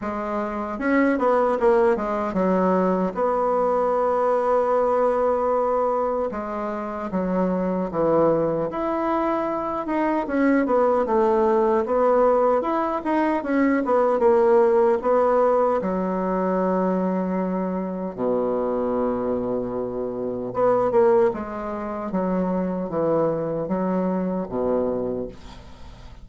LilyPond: \new Staff \with { instrumentName = "bassoon" } { \time 4/4 \tempo 4 = 76 gis4 cis'8 b8 ais8 gis8 fis4 | b1 | gis4 fis4 e4 e'4~ | e'8 dis'8 cis'8 b8 a4 b4 |
e'8 dis'8 cis'8 b8 ais4 b4 | fis2. b,4~ | b,2 b8 ais8 gis4 | fis4 e4 fis4 b,4 | }